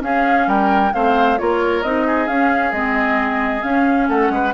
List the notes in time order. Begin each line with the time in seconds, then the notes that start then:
0.00 C#4 G#4 F5
0.47 G3 A#4 G5
0.93 A3 C4 C5 F5
1.38 A#3 F4 A#4 C#5
1.83 C4 D#4 D#5
2.06 G#4
2.27 C#4 F5
2.72 G#3 C4 D#5
3.62 C#4 F5
4.09 A3 A4 F#5
4.30 G#3 B4